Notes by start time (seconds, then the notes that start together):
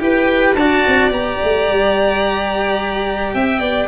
0.00 E4 G4 B4 G5
0.55 D4 F#4 D5 A5
0.88 C4
1.11 B3 G4 A#5
1.44 A3
1.69 G3
3.34 C4 E5 G5
3.60 B3 D5